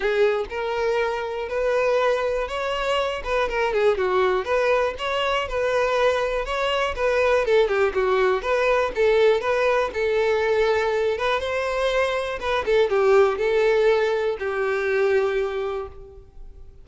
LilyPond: \new Staff \with { instrumentName = "violin" } { \time 4/4 \tempo 4 = 121 gis'4 ais'2 b'4~ | b'4 cis''4. b'8 ais'8 gis'8 | fis'4 b'4 cis''4 b'4~ | b'4 cis''4 b'4 a'8 g'8 |
fis'4 b'4 a'4 b'4 | a'2~ a'8 b'8 c''4~ | c''4 b'8 a'8 g'4 a'4~ | a'4 g'2. | }